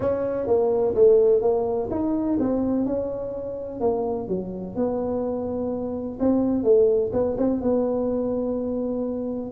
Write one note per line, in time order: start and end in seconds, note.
0.00 0.46 C#4
0.46 0.94 A#3
0.94 1.41 A3
1.41 1.89 A#3
1.90 2.38 D#4
2.39 2.85 C4
2.85 3.80 C#4
3.80 4.27 A#3
4.27 4.75 F#3
4.75 6.18 B3
6.19 6.63 C4
6.63 7.11 A3
7.12 7.36 B3
7.37 7.61 C4
7.61 9.51 B3